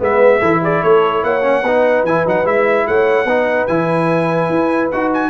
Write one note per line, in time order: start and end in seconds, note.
0.00 0.42 G#3
0.00 0.41 B3
0.00 0.40 B4
0.00 0.64 E5
0.40 0.83 E3
0.40 1.42 E4
0.40 0.60 A4
0.62 0.83 G#4
0.62 0.84 D5
0.83 1.23 A3
0.83 1.24 A4
0.83 1.24 C#5
1.23 1.63 A#3
1.23 1.64 C#5
1.23 2.06 F#5
1.42 1.63 C#4
1.63 2.04 B3
1.63 2.08 D#4
1.63 2.87 B4
2.04 2.24 E3
2.04 2.27 E4
2.04 2.26 G#5
2.27 2.45 F#3
2.27 2.45 D#4
2.27 2.47 F#5
2.45 2.86 G#3
2.45 3.27 E4
2.45 2.87 E5
2.87 3.25 A3
2.87 3.26 C#5
2.87 3.68 F#5
3.25 3.66 B3
3.25 3.70 D#4
3.25 5.30 B4
3.68 4.50 E3
3.68 4.92 E4
3.68 4.90 G#5
4.50 4.91 E4
4.91 5.31 D#4
4.91 5.31 F#4
4.91 5.12 F#5
5.14 5.31 G#5